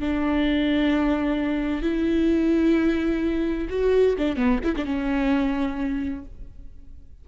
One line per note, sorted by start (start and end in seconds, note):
0.00 1.82 D4
1.82 3.68 E4
3.69 4.16 F#4
4.18 4.36 D4
4.36 4.60 B3
4.64 4.75 E4
4.76 4.85 D4
4.85 6.25 C#4